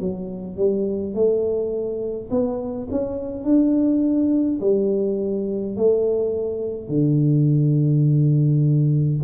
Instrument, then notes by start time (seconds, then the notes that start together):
tuba
0.00 F#3
0.57 G3
1.14 A3
2.30 B3
2.91 C#4
3.45 D4
4.61 G3
5.76 A3
6.89 D3